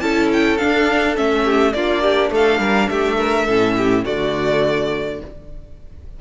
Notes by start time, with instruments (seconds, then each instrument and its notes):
0.00 cello C#4, viola E4, violin A4 A5
0.33 violin G5
0.58 viola D4, cello D4, violin F5
1.15 cello A3, viola C#4, violin E5
1.44 violin G4
1.73 cello A#3, viola D4, violin F4 D5
2.02 violin G4
2.30 cello A3, violin A4 F5
2.59 cello G3, violin A#4
2.90 cello A3, violin G4 E5
3.18 violin A#4
3.46 cello A2, viola C#4, violin A4
3.78 violin G4
4.05 cello D3, viola A3, violin F#4 D5